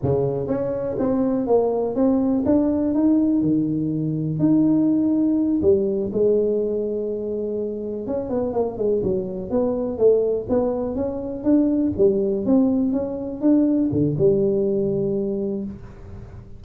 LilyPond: \new Staff \with { instrumentName = "tuba" } { \time 4/4 \tempo 4 = 123 cis4 cis'4 c'4 ais4 | c'4 d'4 dis'4 dis4~ | dis4 dis'2~ dis'8 g8~ | g8 gis2.~ gis8~ |
gis8 cis'8 b8 ais8 gis8 fis4 b8~ | b8 a4 b4 cis'4 d'8~ | d'8 g4 c'4 cis'4 d'8~ | d'8 d8 g2. | }